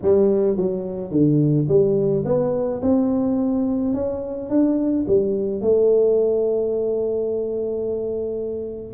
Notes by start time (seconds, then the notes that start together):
0.02 G3
0.56 F#3
1.11 D3
1.68 G3
2.25 B3
2.81 C4
3.94 C#4
4.49 D4
5.07 G3
5.61 A3